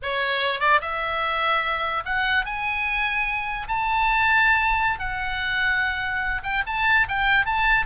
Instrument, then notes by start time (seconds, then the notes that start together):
oboe
0.02 C#5
0.60 D5
0.81 E5
2.05 F#5
2.45 G#5
3.68 A5
4.99 F#5
6.43 G5
6.66 A5
7.08 G5
7.45 A5